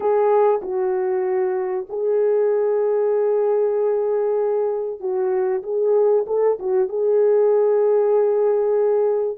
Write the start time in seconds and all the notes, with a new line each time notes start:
0.00 G#4
0.62 F#4
1.89 G#4
4.99 F#4
5.62 G#4
6.27 A4
6.59 F#4
6.88 G#4